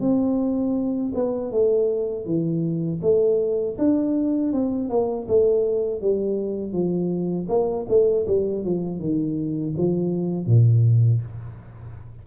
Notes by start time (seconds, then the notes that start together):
0.00 C4
1.14 B3
1.51 A3
2.25 E3
3.01 A3
3.78 D4
4.52 C4
4.89 A#3
5.27 A3
6.00 G3
6.72 F3
7.48 A#3
7.88 A3
8.26 G3
8.64 F3
8.99 D#3
9.77 F3
10.46 A#2